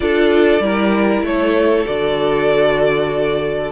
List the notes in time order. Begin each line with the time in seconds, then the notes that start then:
0.00 D4 F4 A4 D5
0.60 G3 E4 A#4
1.22 A3 A4 C#5
1.85 D3 F#4 D5